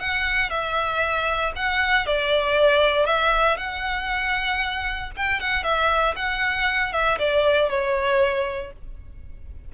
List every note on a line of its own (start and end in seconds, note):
0.00 0.50 F#5
0.50 1.53 E5
1.56 2.06 F#5
2.06 3.06 D5
3.06 3.57 E5
3.57 5.11 F#5
5.17 5.40 G5
5.40 5.64 F#5
5.64 6.15 E5
6.16 6.93 F#5
6.93 7.19 E5
7.19 7.70 D5
7.70 8.72 C#5